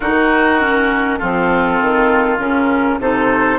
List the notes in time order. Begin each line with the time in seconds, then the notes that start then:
0.00 D#3 D#4 F#4 A#4
0.59 C#4
1.18 F3 C4 F4 A4
1.81 D#3
2.39 C#3 C#4 A#4
2.98 C3 D#4 A4 C5